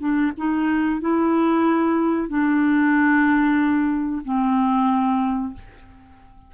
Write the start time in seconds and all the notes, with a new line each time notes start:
0.00 D4
0.38 D#4
1.01 E4
2.29 D4
4.25 C4